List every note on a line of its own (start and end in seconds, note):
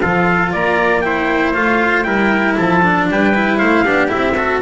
0.00 0.53 F3
0.00 1.03 F4
0.00 0.52 A4
0.00 0.51 F5
0.52 1.55 A#3
0.52 1.03 D5
0.52 1.00 A#5
1.00 1.54 E4
1.00 2.06 C5
1.00 1.52 G5
1.54 2.05 A3
1.54 2.04 F4
1.54 2.03 F5
2.03 2.56 G3
2.03 2.81 E4
2.03 2.57 A#4
2.03 2.54 G5
2.56 3.09 F3
2.56 3.10 A4
2.56 3.07 A5
2.82 3.33 D4
3.09 3.60 G3
3.09 3.58 B4
3.09 3.57 G5
3.34 3.85 E4
3.57 3.84 A3
3.57 3.84 C5
3.57 4.08 F5
3.84 4.10 B3
3.84 4.08 D4
3.84 4.35 G4
4.08 4.61 C4
4.08 4.33 E4
4.08 4.61 E5
4.36 4.61 F#4
4.36 4.61 A4